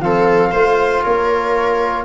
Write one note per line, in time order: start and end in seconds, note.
0.00 0.51 F3
0.00 0.54 C4
0.00 0.51 A4
0.00 1.03 F5
0.51 1.03 A3
0.51 2.05 F4
0.51 1.02 C5
1.03 2.05 A#3
1.03 2.05 A#4
1.03 2.05 C#5